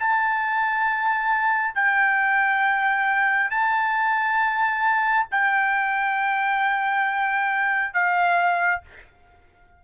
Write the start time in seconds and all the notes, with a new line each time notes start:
0.00 A5
1.75 G5
3.51 A5
5.32 G5
7.94 F5